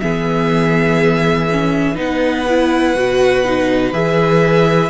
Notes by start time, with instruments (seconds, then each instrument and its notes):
0.00 cello E3, viola B3, violin G#4 E5
1.51 viola C#4
1.95 cello B3, viola D#4, violin B4 F#5
2.49 viola E4
2.95 cello B2, viola F#4
3.44 viola D#4
3.92 cello E3, viola G#4, violin E5